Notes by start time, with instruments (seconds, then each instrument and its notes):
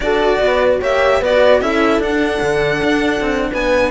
0.00 cello D4 F#4, horn A4, violin D5
0.40 cello B3, horn B4
0.79 cello A#3 G4, horn C#5, violin E5
1.20 cello B3 F#4, horn B4, violin D5
1.61 cello C#4 E4, horn A4, violin E5
1.98 cello D4, violin F#5
2.41 cello D3
2.83 cello D4
3.20 cello C4
3.51 cello B3, horn B4, violin G#5